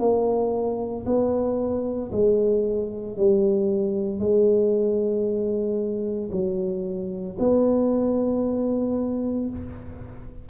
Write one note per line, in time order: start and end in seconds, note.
0.00 1.05 A#3
1.06 2.11 B3
2.12 3.17 G#3
3.17 4.20 G3
4.20 6.31 G#3
6.33 7.38 F#3
7.40 9.50 B3